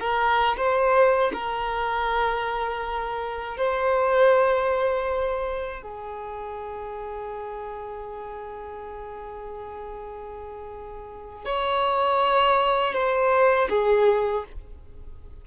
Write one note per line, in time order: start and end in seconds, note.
0.00 0.56 A#4
0.57 1.32 C5
1.33 3.57 A#4
3.57 5.82 C5
5.82 11.45 G#4
11.45 12.93 C#5
12.93 13.68 C5
13.69 14.44 G#4